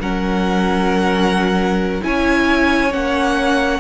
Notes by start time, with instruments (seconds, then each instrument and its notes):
0.00 cello F#3, viola C#4, violin A#4 F#5
2.02 cello C#4, viola E4, violin C#5 G#5
2.91 cello A#3, viola C#4, violin F#5